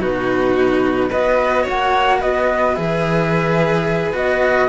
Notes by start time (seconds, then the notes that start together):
0.00 B2 D#4 F#4 B4
1.09 B3 F#4 B4 D#5
1.63 A#3 C#5 F#5
2.19 B3 B4 D#5
2.74 E3 G#4 E5
4.12 B3 F#4 D#5